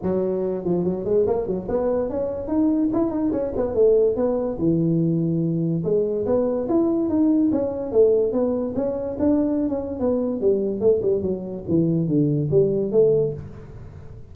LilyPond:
\new Staff \with { instrumentName = "tuba" } { \time 4/4 \tempo 4 = 144 fis4. f8 fis8 gis8 ais8 fis8 | b4 cis'4 dis'4 e'8 dis'8 | cis'8 b8 a4 b4 e4~ | e2 gis4 b4 |
e'4 dis'4 cis'4 a4 | b4 cis'4 d'4~ d'16 cis'8. | b4 g4 a8 g8 fis4 | e4 d4 g4 a4 | }